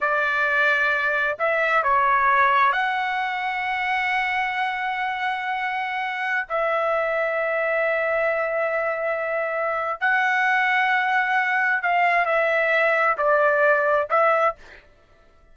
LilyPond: \new Staff \with { instrumentName = "trumpet" } { \time 4/4 \tempo 4 = 132 d''2. e''4 | cis''2 fis''2~ | fis''1~ | fis''2~ fis''16 e''4.~ e''16~ |
e''1~ | e''2 fis''2~ | fis''2 f''4 e''4~ | e''4 d''2 e''4 | }